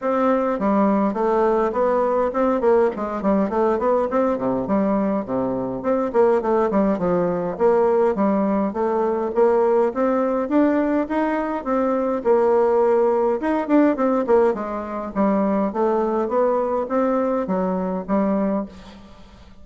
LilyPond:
\new Staff \with { instrumentName = "bassoon" } { \time 4/4 \tempo 4 = 103 c'4 g4 a4 b4 | c'8 ais8 gis8 g8 a8 b8 c'8 c8 | g4 c4 c'8 ais8 a8 g8 | f4 ais4 g4 a4 |
ais4 c'4 d'4 dis'4 | c'4 ais2 dis'8 d'8 | c'8 ais8 gis4 g4 a4 | b4 c'4 fis4 g4 | }